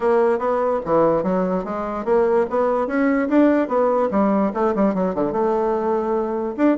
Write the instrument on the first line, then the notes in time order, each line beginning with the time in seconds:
bassoon
0.00 A#3
0.38 B3
0.85 E3
1.23 F#3
1.64 G#3
2.04 A#3
2.50 B3
2.87 C#4
3.29 D4
3.68 B3
4.11 G3
4.54 A3
4.75 G3
4.94 F#3
5.14 D3
5.32 A3
6.57 D4